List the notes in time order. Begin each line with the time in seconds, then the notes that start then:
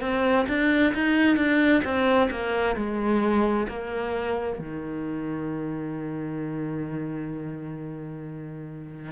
0.00 C4
0.48 D4
0.94 D#4
1.36 D4
1.84 C4
2.30 A#3
2.76 G#3
3.68 A#3
4.59 D#3